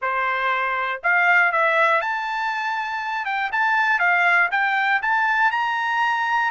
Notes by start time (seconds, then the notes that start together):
0.01 C5
1.03 F5
1.52 E5
2.01 A5
3.25 G5
3.52 A5
3.99 F5
4.51 G5
5.01 A5
5.51 A#5